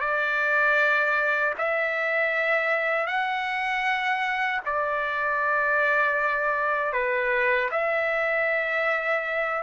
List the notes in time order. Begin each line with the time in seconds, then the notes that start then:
0.00 D5
1.58 E5
3.06 F#5
4.65 D5
6.92 B4
7.71 E5